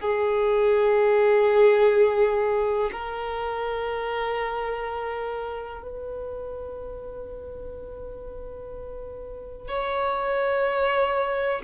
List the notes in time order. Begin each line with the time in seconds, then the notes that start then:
0.00 G#4
2.92 A#4
5.82 B4
9.68 C#5